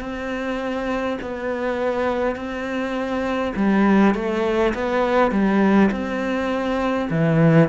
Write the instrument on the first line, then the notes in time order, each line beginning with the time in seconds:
cello
0.00 C4
1.21 B3
2.35 C4
3.56 G3
4.14 A3
4.74 B3
5.31 G3
5.91 C4
7.10 E3